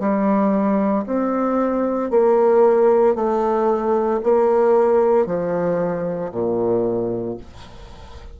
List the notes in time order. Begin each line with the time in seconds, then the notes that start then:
0.00 G3
1.06 C4
2.11 A#3
3.15 A3
4.23 A#3
5.26 F3
6.32 A#2